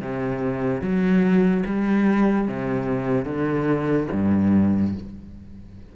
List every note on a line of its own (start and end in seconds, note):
0.00 0.81 C3
0.81 1.63 F#3
1.66 2.47 G3
2.47 3.25 C3
3.25 4.07 D3
4.12 4.94 G2